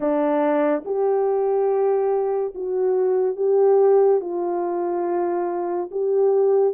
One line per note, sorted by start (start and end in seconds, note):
0.00 0.83 D4
0.85 2.54 G4
2.55 3.36 F#4
3.36 4.20 G4
4.21 5.90 F4
5.91 6.74 G4